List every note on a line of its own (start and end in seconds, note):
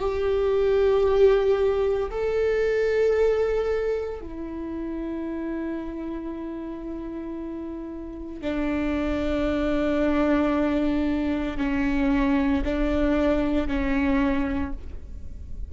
0.00 2.11 G4
2.11 4.22 A4
4.22 8.42 E4
8.42 11.58 D4
11.58 12.63 C#4
12.65 13.68 D4
13.68 14.73 C#4